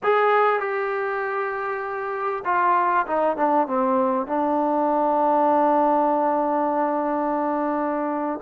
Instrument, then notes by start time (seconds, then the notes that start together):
trombone
0.03 G#4
0.60 G4
2.44 F4
3.06 D#4
3.36 D4
3.67 C4
4.27 D4